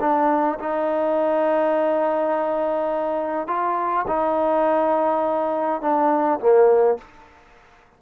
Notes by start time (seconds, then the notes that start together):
0.00 D4
0.59 D#4
3.47 F4
4.07 D#4
5.81 D4
6.39 A#3